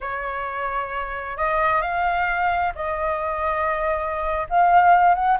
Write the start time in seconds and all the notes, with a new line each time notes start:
0.00 C#5
1.37 D#5
1.81 F5
2.75 D#5
4.49 F5
5.14 F#5